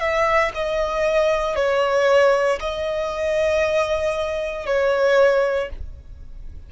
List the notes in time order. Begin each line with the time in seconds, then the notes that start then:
0.00 E5
0.55 D#5
1.56 C#5
2.61 D#5
4.66 C#5